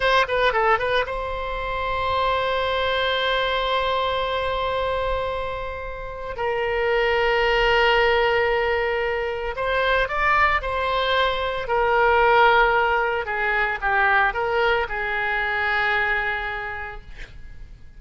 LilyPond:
\new Staff \with { instrumentName = "oboe" } { \time 4/4 \tempo 4 = 113 c''8 b'8 a'8 b'8 c''2~ | c''1~ | c''1 | ais'1~ |
ais'2 c''4 d''4 | c''2 ais'2~ | ais'4 gis'4 g'4 ais'4 | gis'1 | }